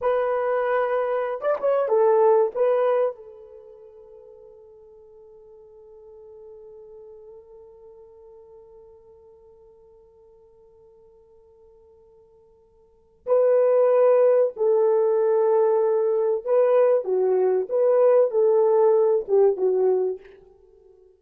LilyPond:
\new Staff \with { instrumentName = "horn" } { \time 4/4 \tempo 4 = 95 b'2~ b'16 d''16 cis''8 a'4 | b'4 a'2.~ | a'1~ | a'1~ |
a'1~ | a'4 b'2 a'4~ | a'2 b'4 fis'4 | b'4 a'4. g'8 fis'4 | }